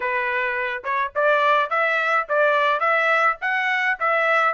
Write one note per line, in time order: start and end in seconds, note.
0.00 0.82 B4
0.83 1.12 C#5
1.15 1.70 D5
1.70 2.26 E5
2.28 2.79 D5
2.79 3.36 E5
3.41 3.98 F#5
3.99 4.54 E5